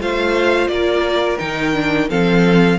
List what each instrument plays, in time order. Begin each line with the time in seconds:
0.00 cello A3, viola F4, violin C5 F5
0.67 cello A#3, violin A#4 D5
1.38 cello D#3, viola D#4, violin G5
1.73 viola D4
2.10 cello F3, viola C4, violin A4 F5